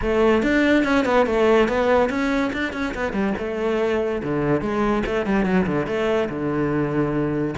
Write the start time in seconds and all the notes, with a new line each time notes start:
0.01 A3
0.42 D4
0.84 C#4
1.05 B3
1.26 A3
1.68 B3
2.09 C#4
2.52 D4
2.73 C#4
2.94 B3
3.12 G3
3.38 A3
4.23 D3
4.61 G#3
5.06 A3
5.26 G3
5.45 F#3
5.66 D3
5.86 A3
6.29 D3